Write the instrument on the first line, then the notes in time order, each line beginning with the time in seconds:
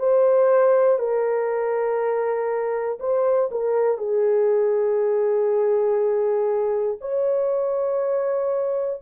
horn
0.00 C5
0.99 A#4
3.00 C5
3.51 A#4
3.98 G#4
7.01 C#5